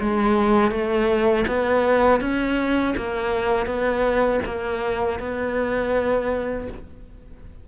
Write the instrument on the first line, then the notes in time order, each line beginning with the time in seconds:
cello
0.00 G#3
0.71 A3
1.47 B3
2.21 C#4
2.97 A#3
3.66 B3
4.45 A#3
5.20 B3